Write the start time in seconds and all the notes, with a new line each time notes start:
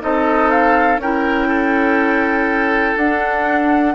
0.00 C4 D#4 A4 D#5
0.50 F5
0.98 C#4 E4 A#4 G5
1.48 A4
2.97 D4 F#5